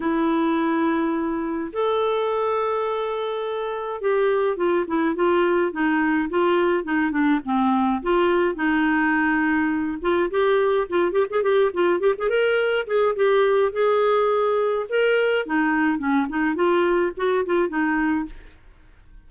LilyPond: \new Staff \with { instrumentName = "clarinet" } { \time 4/4 \tempo 4 = 105 e'2. a'4~ | a'2. g'4 | f'8 e'8 f'4 dis'4 f'4 | dis'8 d'8 c'4 f'4 dis'4~ |
dis'4. f'8 g'4 f'8 g'16 gis'16 | g'8 f'8 g'16 gis'16 ais'4 gis'8 g'4 | gis'2 ais'4 dis'4 | cis'8 dis'8 f'4 fis'8 f'8 dis'4 | }